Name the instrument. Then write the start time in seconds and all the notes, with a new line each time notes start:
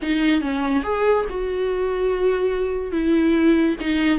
viola
0.02 D#4
0.41 C#4
0.83 G#4
1.29 F#4
2.92 E4
3.80 D#4